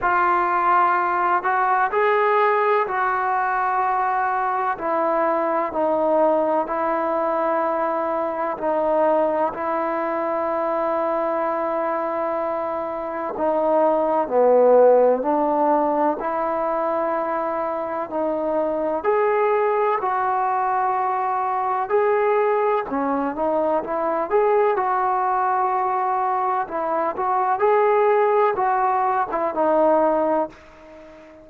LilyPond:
\new Staff \with { instrumentName = "trombone" } { \time 4/4 \tempo 4 = 63 f'4. fis'8 gis'4 fis'4~ | fis'4 e'4 dis'4 e'4~ | e'4 dis'4 e'2~ | e'2 dis'4 b4 |
d'4 e'2 dis'4 | gis'4 fis'2 gis'4 | cis'8 dis'8 e'8 gis'8 fis'2 | e'8 fis'8 gis'4 fis'8. e'16 dis'4 | }